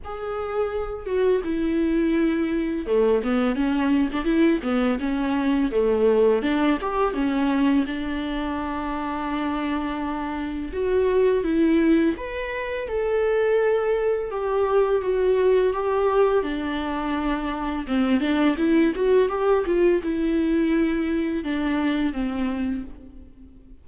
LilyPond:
\new Staff \with { instrumentName = "viola" } { \time 4/4 \tempo 4 = 84 gis'4. fis'8 e'2 | a8 b8 cis'8. d'16 e'8 b8 cis'4 | a4 d'8 g'8 cis'4 d'4~ | d'2. fis'4 |
e'4 b'4 a'2 | g'4 fis'4 g'4 d'4~ | d'4 c'8 d'8 e'8 fis'8 g'8 f'8 | e'2 d'4 c'4 | }